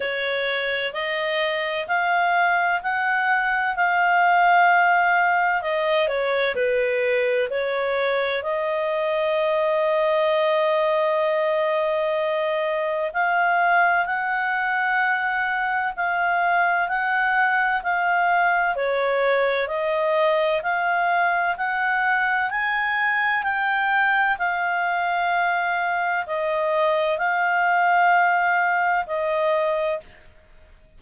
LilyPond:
\new Staff \with { instrumentName = "clarinet" } { \time 4/4 \tempo 4 = 64 cis''4 dis''4 f''4 fis''4 | f''2 dis''8 cis''8 b'4 | cis''4 dis''2.~ | dis''2 f''4 fis''4~ |
fis''4 f''4 fis''4 f''4 | cis''4 dis''4 f''4 fis''4 | gis''4 g''4 f''2 | dis''4 f''2 dis''4 | }